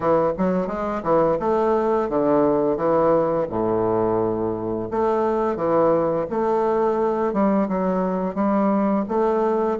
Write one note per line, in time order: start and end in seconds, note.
0.00 0.32 E3
0.37 0.67 F#3
0.67 1.01 G#3
1.03 1.38 E3
1.39 2.09 A3
2.09 2.77 D3
2.77 3.46 E3
3.49 4.89 A2
4.90 5.56 A3
5.56 6.25 E3
6.30 7.33 A3
7.33 7.68 G3
7.68 8.35 F#3
8.35 9.04 G3
9.08 9.78 A3